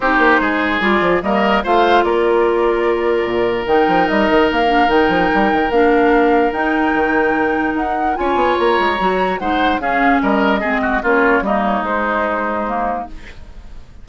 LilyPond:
<<
  \new Staff \with { instrumentName = "flute" } { \time 4/4 \tempo 4 = 147 c''2 d''4 dis''4 | f''4 d''2.~ | d''4 g''4 dis''4 f''4 | g''2 f''2 |
g''2. fis''4 | gis''4 ais''2 fis''4 | f''4 dis''2 cis''4 | dis''8 cis''8 c''2. | }
  \new Staff \with { instrumentName = "oboe" } { \time 4/4 g'4 gis'2 ais'4 | c''4 ais'2.~ | ais'1~ | ais'1~ |
ais'1 | cis''2. c''4 | gis'4 ais'4 gis'8 fis'8 f'4 | dis'1 | }
  \new Staff \with { instrumentName = "clarinet" } { \time 4/4 dis'2 f'4 ais4 | f'1~ | f'4 dis'2~ dis'8 d'8 | dis'2 d'2 |
dis'1 | f'2 fis'4 dis'4 | cis'2 c'4 cis'4 | ais4 gis2 ais4 | }
  \new Staff \with { instrumentName = "bassoon" } { \time 4/4 c'8 ais8 gis4 g8 f8 g4 | a4 ais2. | ais,4 dis8 f8 g8 dis8 ais4 | dis8 f8 g8 dis8 ais2 |
dis'4 dis2 dis'4 | cis'8 b8 ais8 gis8 fis4 gis4 | cis'4 g4 gis4 ais4 | g4 gis2. | }
>>